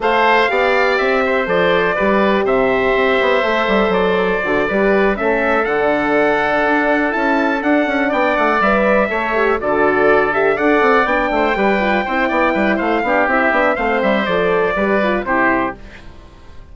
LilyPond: <<
  \new Staff \with { instrumentName = "trumpet" } { \time 4/4 \tempo 4 = 122 f''2 e''4 d''4~ | d''4 e''2. | d''2~ d''8 e''4 fis''8~ | fis''2~ fis''8 a''4 fis''8~ |
fis''8 g''8 fis''8 e''2 d''8~ | d''4 e''8 fis''4 g''4.~ | g''2 f''4 e''4 | f''8 e''8 d''2 c''4 | }
  \new Staff \with { instrumentName = "oboe" } { \time 4/4 c''4 d''4. c''4. | b'4 c''2.~ | c''4. b'4 a'4.~ | a'1~ |
a'8 d''2 cis''4 a'8~ | a'4. d''4. c''8 b'8~ | b'8 c''8 d''8 b'8 c''8 g'4. | c''2 b'4 g'4 | }
  \new Staff \with { instrumentName = "horn" } { \time 4/4 a'4 g'2 a'4 | g'2. a'4~ | a'4 fis'8 g'4 cis'4 d'8~ | d'2~ d'8 e'4 d'8~ |
d'4. b'4 a'8 g'8 fis'8~ | fis'4 g'8 a'4 d'4 g'8 | f'8 e'2 d'8 e'8 d'8 | c'4 a'4 g'8 f'8 e'4 | }
  \new Staff \with { instrumentName = "bassoon" } { \time 4/4 a4 b4 c'4 f4 | g4 c4 c'8 b8 a8 g8 | fis4 d8 g4 a4 d8~ | d4. d'4 cis'4 d'8 |
cis'8 b8 a8 g4 a4 d8~ | d4. d'8 c'8 b8 a8 g8~ | g8 c'8 b8 g8 a8 b8 c'8 b8 | a8 g8 f4 g4 c4 | }
>>